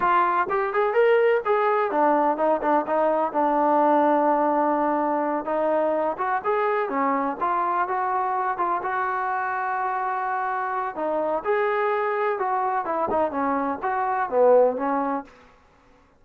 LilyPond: \new Staff \with { instrumentName = "trombone" } { \time 4/4 \tempo 4 = 126 f'4 g'8 gis'8 ais'4 gis'4 | d'4 dis'8 d'8 dis'4 d'4~ | d'2.~ d'8 dis'8~ | dis'4 fis'8 gis'4 cis'4 f'8~ |
f'8 fis'4. f'8 fis'4.~ | fis'2. dis'4 | gis'2 fis'4 e'8 dis'8 | cis'4 fis'4 b4 cis'4 | }